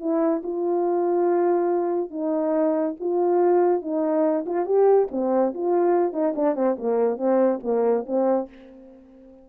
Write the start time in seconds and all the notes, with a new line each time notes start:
0.00 E4
0.43 F4
2.11 D#4
3.00 F4
3.82 D#4
4.46 F4
4.66 G4
5.11 C4
5.54 F4
6.13 D#4
6.36 D4
6.55 C4
6.79 A#3
7.18 C4
7.63 A#3
8.06 C4